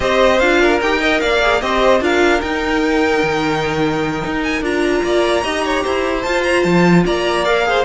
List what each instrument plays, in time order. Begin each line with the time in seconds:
0.00 cello C4, viola G4, violin C5 D#5
0.39 cello D4, viola F4, violin F5
0.61 violin A#4
0.81 cello D#4, viola G4, violin G5
1.00 viola A#4, violin D#5
1.20 cello A#3, violin D5 F5
1.42 viola G#4
1.60 cello C4, viola G4, violin C5 D#5
2.00 cello D4, viola F4, violin A#4 F5
2.41 cello D#4, viola D#4, violin G5
3.22 cello D#3
4.25 cello D#4
4.43 violin G#5
4.61 cello D4, viola F4, violin A#5
5.03 cello A#3, violin D5
5.43 cello D#4, viola G4, violin D#5
5.65 violin C#5
5.83 cello E4, violin C5
6.22 viola F4, cello F4, violin A5
6.43 violin A#5
6.63 cello F3, violin A5
7.05 cello A#3, violin D5 A#5
7.45 viola A#4, violin F5
7.64 viola G#4, violin C5